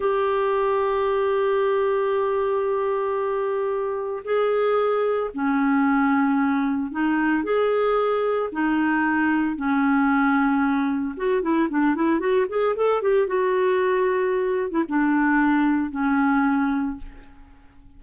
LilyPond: \new Staff \with { instrumentName = "clarinet" } { \time 4/4 \tempo 4 = 113 g'1~ | g'1 | gis'2 cis'2~ | cis'4 dis'4 gis'2 |
dis'2 cis'2~ | cis'4 fis'8 e'8 d'8 e'8 fis'8 gis'8 | a'8 g'8 fis'2~ fis'8. e'16 | d'2 cis'2 | }